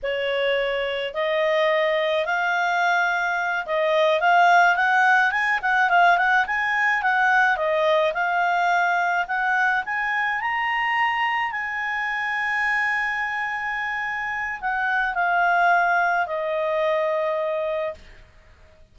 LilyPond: \new Staff \with { instrumentName = "clarinet" } { \time 4/4 \tempo 4 = 107 cis''2 dis''2 | f''2~ f''8 dis''4 f''8~ | f''8 fis''4 gis''8 fis''8 f''8 fis''8 gis''8~ | gis''8 fis''4 dis''4 f''4.~ |
f''8 fis''4 gis''4 ais''4.~ | ais''8 gis''2.~ gis''8~ | gis''2 fis''4 f''4~ | f''4 dis''2. | }